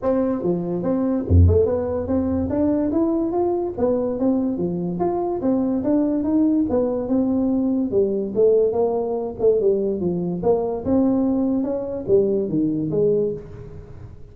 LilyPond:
\new Staff \with { instrumentName = "tuba" } { \time 4/4 \tempo 4 = 144 c'4 f4 c'4 f,8 a8 | b4 c'4 d'4 e'4 | f'4 b4 c'4 f4 | f'4 c'4 d'4 dis'4 |
b4 c'2 g4 | a4 ais4. a8 g4 | f4 ais4 c'2 | cis'4 g4 dis4 gis4 | }